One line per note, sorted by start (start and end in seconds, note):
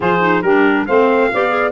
0.00 0.42 F3
0.00 0.20 F4
0.00 0.42 G#4
0.00 0.42 C5
0.20 0.42 D#4
0.42 0.86 G3
0.42 0.88 D4
0.42 0.85 G4
0.42 0.85 A#4
0.86 1.32 A3
0.86 1.32 C4
0.86 1.30 C5
0.86 1.72 F5
1.33 1.72 B3
1.33 1.49 G4
1.33 1.72 D5
1.49 1.70 G#4